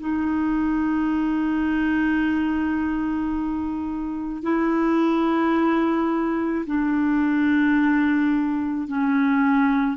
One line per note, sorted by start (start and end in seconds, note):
0.00 4.43 D#4
4.43 6.65 E4
6.67 8.88 D4
8.88 9.97 C#4